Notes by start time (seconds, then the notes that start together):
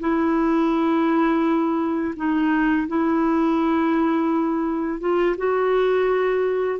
0.00 E4
2.16 D#4
2.88 E4
5.00 F4
5.38 F#4